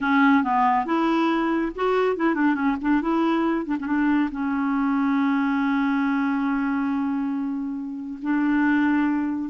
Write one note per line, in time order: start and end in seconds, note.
0.00 0.43 C#4
0.43 0.85 B3
0.85 1.71 E4
1.75 2.16 F#4
2.16 2.34 E4
2.34 2.54 D4
2.54 2.76 C#4
2.81 3.01 D4
3.01 3.65 E4
3.65 3.76 D4
3.79 3.86 C#4
3.86 4.29 D4
4.31 8.19 C#4
8.22 9.49 D4